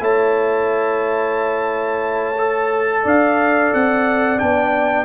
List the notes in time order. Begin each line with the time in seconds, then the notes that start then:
0.00 A3 E4 C#5 A5
2.37 A4
3.03 D4 D5 F5
3.73 C4 F#5
4.38 B3 D4 G5